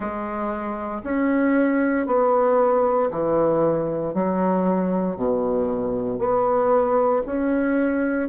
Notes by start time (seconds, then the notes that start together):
0.00 G#3
1.03 C#4
2.06 B3
3.10 E3
4.14 F#3
5.16 B2
6.18 B3
7.26 C#4